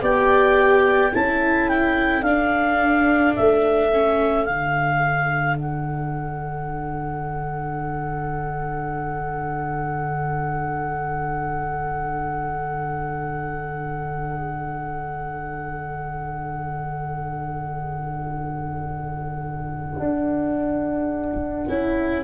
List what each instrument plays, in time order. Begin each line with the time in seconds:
0.00 tuba B3, viola G4, flute D5, clarinet G5
1.12 tuba C#4, viola E4, flute A4, clarinet A5
1.68 clarinet G5
2.21 tuba D4, viola D4, clarinet F5
3.35 tuba A3, clarinet E5
3.92 viola C#4
4.44 tuba D3, viola D4, clarinet F5
5.58 clarinet F#5
19.99 tuba D4
21.69 tuba C#4, viola E4